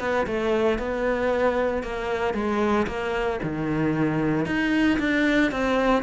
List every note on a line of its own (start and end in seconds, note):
0.00 0.26 B3
0.27 0.79 A3
0.79 1.83 B3
1.83 2.34 A#3
2.34 2.87 G#3
2.88 3.40 A#3
3.43 4.46 D#3
4.46 4.99 D#4
4.99 5.52 D4
5.52 6.03 C4